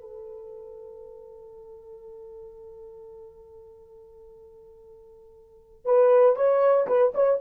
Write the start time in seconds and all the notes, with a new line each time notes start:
0.00 A4
5.85 B4
6.36 C#5
6.87 B4
7.14 C#5